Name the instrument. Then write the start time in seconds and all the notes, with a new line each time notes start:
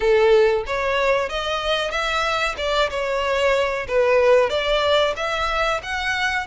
violin
0.00 A4
0.66 C#5
1.29 D#5
1.90 E5
2.57 D5
2.90 C#5
3.87 B4
4.49 D5
5.16 E5
5.82 F#5